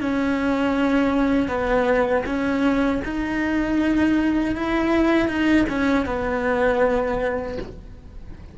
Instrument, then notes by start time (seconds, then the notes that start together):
cello
0.00 C#4
1.48 B3
2.26 C#4
3.04 D#4
4.55 E4
5.28 D#4
5.69 C#4
6.06 B3